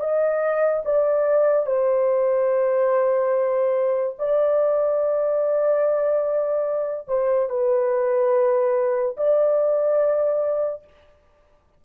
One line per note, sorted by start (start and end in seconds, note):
0.00 0.83 D#5
0.86 1.67 D5
1.67 4.17 C5
4.19 7.08 D5
7.08 7.50 C5
7.50 9.16 B4
9.17 10.84 D5